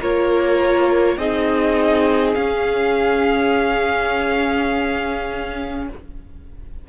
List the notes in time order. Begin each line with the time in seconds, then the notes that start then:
0.00 A#3 F4 A#4 C#5
1.17 C4 D#4 G#4 D#5
2.35 C#4 F5